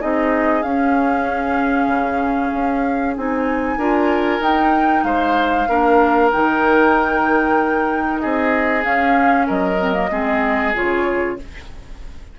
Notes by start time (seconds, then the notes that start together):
0.00 C4 D#4 G#4 D#5
0.63 C#4 F5
1.87 C#3
2.54 C#4
3.17 C4 D#4 G#5
3.77 D4 F4 A#4
4.39 D#4 G5
5.04 G#3 C5 F5
5.69 A#3 D4 A#4
6.32 D#3 D#4 G5
8.20 C4 G#4 D#5
8.82 C#4 F5
9.47 F#3 A#4 D#5
9.78 C4
9.93 A#3
10.11 G#3 C4 G#4
10.74 C#3 F4 C#5